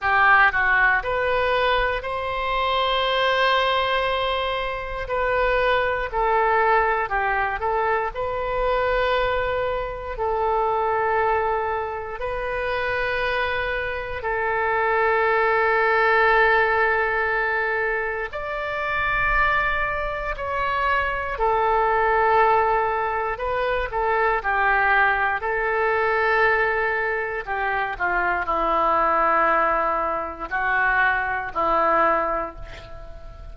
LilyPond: \new Staff \with { instrumentName = "oboe" } { \time 4/4 \tempo 4 = 59 g'8 fis'8 b'4 c''2~ | c''4 b'4 a'4 g'8 a'8 | b'2 a'2 | b'2 a'2~ |
a'2 d''2 | cis''4 a'2 b'8 a'8 | g'4 a'2 g'8 f'8 | e'2 fis'4 e'4 | }